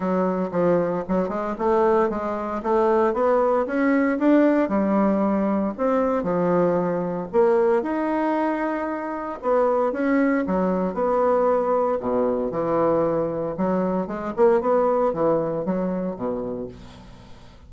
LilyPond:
\new Staff \with { instrumentName = "bassoon" } { \time 4/4 \tempo 4 = 115 fis4 f4 fis8 gis8 a4 | gis4 a4 b4 cis'4 | d'4 g2 c'4 | f2 ais4 dis'4~ |
dis'2 b4 cis'4 | fis4 b2 b,4 | e2 fis4 gis8 ais8 | b4 e4 fis4 b,4 | }